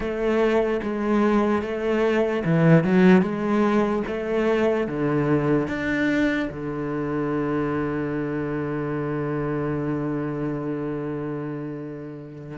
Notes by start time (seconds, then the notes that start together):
0.00 A3
0.83 G#3
1.62 A3
2.44 E3
2.83 F#3
3.21 G#3
4.07 A3
4.87 D3
5.67 D4
6.50 D3